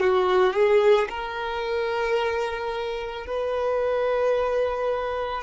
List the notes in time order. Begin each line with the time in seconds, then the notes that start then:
0.00 F#4
0.54 G#4
1.10 A#4
3.26 B4